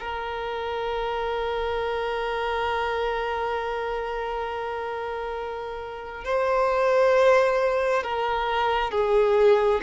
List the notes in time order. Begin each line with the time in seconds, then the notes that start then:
0.00 A#4
6.24 C5
8.04 A#4
8.91 G#4